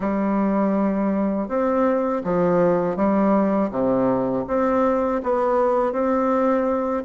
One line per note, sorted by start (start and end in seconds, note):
0.00 1.48 G3
1.48 2.22 C4
2.24 2.96 F3
2.96 3.70 G3
3.70 4.44 C3
4.47 5.21 C4
5.23 5.92 B3
5.92 7.03 C4